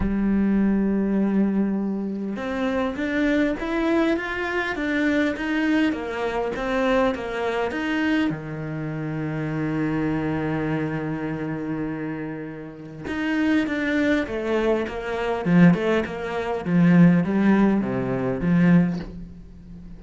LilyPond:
\new Staff \with { instrumentName = "cello" } { \time 4/4 \tempo 4 = 101 g1 | c'4 d'4 e'4 f'4 | d'4 dis'4 ais4 c'4 | ais4 dis'4 dis2~ |
dis1~ | dis2 dis'4 d'4 | a4 ais4 f8 a8 ais4 | f4 g4 c4 f4 | }